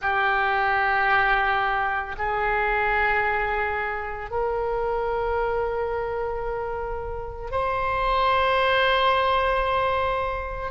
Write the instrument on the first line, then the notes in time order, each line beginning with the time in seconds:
oboe
0.01 G4
2.18 G#4
4.30 A#4
7.50 C5